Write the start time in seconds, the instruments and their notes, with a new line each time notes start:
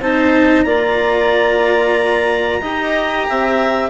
0.00 bassoon C4, cello D#4, clarinet C5 A5
0.61 bassoon A#3, cello F4, clarinet D5 A#5
2.61 bassoon D#4, cello G4, clarinet D#5
3.28 bassoon C4, clarinet E5